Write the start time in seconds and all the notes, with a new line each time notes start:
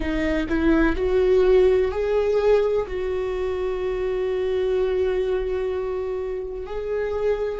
0.00 D#4
0.48 E4
0.95 F#4
1.91 G#4
2.87 F#4
6.66 G#4